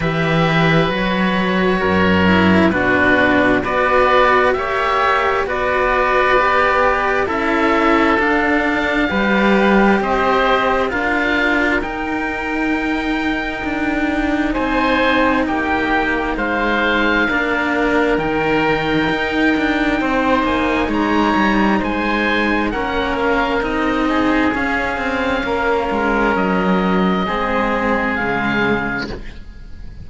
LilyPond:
<<
  \new Staff \with { instrumentName = "oboe" } { \time 4/4 \tempo 4 = 66 e''4 cis''2 b'4 | d''4 e''4 d''2 | e''4 f''2 dis''4 | f''4 g''2. |
gis''4 g''4 f''2 | g''2~ g''8 gis''8 ais''4 | gis''4 fis''8 f''8 dis''4 f''4~ | f''4 dis''2 f''4 | }
  \new Staff \with { instrumentName = "oboe" } { \time 4/4 b'2 ais'4 fis'4 | b'4 cis''4 b'2 | a'2 b'4 c''4 | ais'1 |
c''4 g'4 c''4 ais'4~ | ais'2 c''4 cis''4 | c''4 ais'4. gis'4. | ais'2 gis'2 | }
  \new Staff \with { instrumentName = "cello" } { \time 4/4 g'4 fis'4. e'8 d'4 | fis'4 g'4 fis'4 g'4 | e'4 d'4 g'2 | f'4 dis'2.~ |
dis'2. d'4 | dis'1~ | dis'4 cis'4 dis'4 cis'4~ | cis'2 c'4 gis4 | }
  \new Staff \with { instrumentName = "cello" } { \time 4/4 e4 fis4 fis,4 b,4 | b4 ais4 b2 | cis'4 d'4 g4 c'4 | d'4 dis'2 d'4 |
c'4 ais4 gis4 ais4 | dis4 dis'8 d'8 c'8 ais8 gis8 g8 | gis4 ais4 c'4 cis'8 c'8 | ais8 gis8 fis4 gis4 cis4 | }
>>